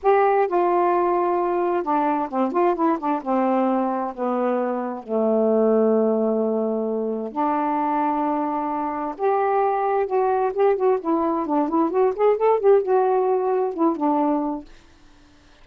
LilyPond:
\new Staff \with { instrumentName = "saxophone" } { \time 4/4 \tempo 4 = 131 g'4 f'2. | d'4 c'8 f'8 e'8 d'8 c'4~ | c'4 b2 a4~ | a1 |
d'1 | g'2 fis'4 g'8 fis'8 | e'4 d'8 e'8 fis'8 gis'8 a'8 g'8 | fis'2 e'8 d'4. | }